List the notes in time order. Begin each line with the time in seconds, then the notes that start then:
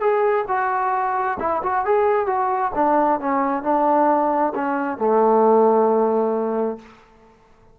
0.00 G#4
0.48 F#4
1.39 E4
1.63 F#4
1.85 G#4
2.26 F#4
2.75 D4
3.20 C#4
3.63 D4
4.55 C#4
4.98 A3